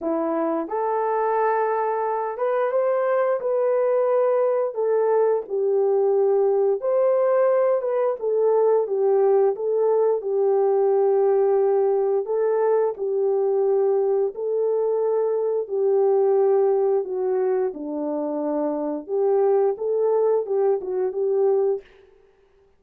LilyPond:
\new Staff \with { instrumentName = "horn" } { \time 4/4 \tempo 4 = 88 e'4 a'2~ a'8 b'8 | c''4 b'2 a'4 | g'2 c''4. b'8 | a'4 g'4 a'4 g'4~ |
g'2 a'4 g'4~ | g'4 a'2 g'4~ | g'4 fis'4 d'2 | g'4 a'4 g'8 fis'8 g'4 | }